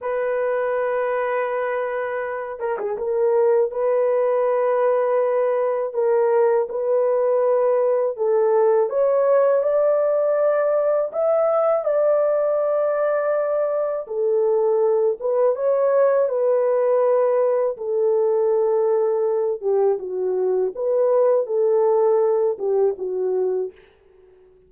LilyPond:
\new Staff \with { instrumentName = "horn" } { \time 4/4 \tempo 4 = 81 b'2.~ b'8 ais'16 gis'16 | ais'4 b'2. | ais'4 b'2 a'4 | cis''4 d''2 e''4 |
d''2. a'4~ | a'8 b'8 cis''4 b'2 | a'2~ a'8 g'8 fis'4 | b'4 a'4. g'8 fis'4 | }